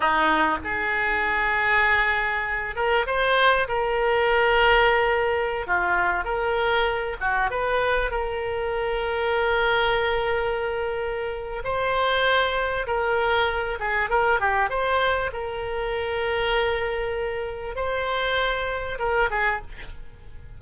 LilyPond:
\new Staff \with { instrumentName = "oboe" } { \time 4/4 \tempo 4 = 98 dis'4 gis'2.~ | gis'8 ais'8 c''4 ais'2~ | ais'4~ ais'16 f'4 ais'4. fis'16~ | fis'16 b'4 ais'2~ ais'8.~ |
ais'2. c''4~ | c''4 ais'4. gis'8 ais'8 g'8 | c''4 ais'2.~ | ais'4 c''2 ais'8 gis'8 | }